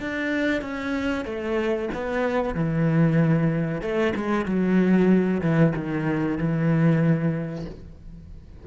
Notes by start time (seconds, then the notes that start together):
0.00 D4
0.62 C#4
1.25 A3
1.94 B3
2.55 E3
3.82 A3
4.16 G#3
4.46 F#3
5.41 E3
5.76 D#3
6.38 E3